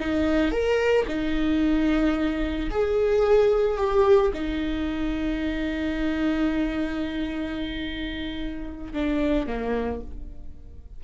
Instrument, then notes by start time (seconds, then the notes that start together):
viola
0.00 D#4
0.52 A#4
1.08 D#4
2.71 G#4
3.77 G4
4.34 D#4
8.93 D4
9.47 A#3